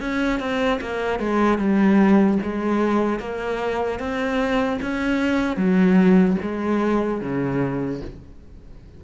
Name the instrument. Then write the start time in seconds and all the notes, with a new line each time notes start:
cello
0.00 C#4
0.40 C4
0.81 A#3
1.19 G#3
1.58 G3
2.43 G#3
3.19 A#3
3.99 C4
4.82 C#4
5.56 F#3
6.41 G#3
7.21 C#3